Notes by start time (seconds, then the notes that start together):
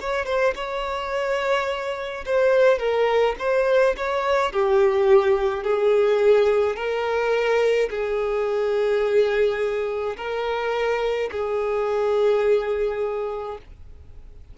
0.00 C#5
0.26 C5
0.55 C#5
2.25 C5
2.78 A#4
3.39 C5
3.97 C#5
4.52 G4
5.63 G#4
6.76 A#4
7.90 G#4
10.17 A#4
11.32 G#4